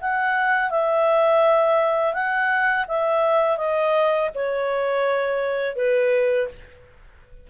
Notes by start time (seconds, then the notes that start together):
0.00 F#5
0.70 E5
2.13 F#5
2.88 E5
3.57 D#5
4.34 C#5
5.75 B4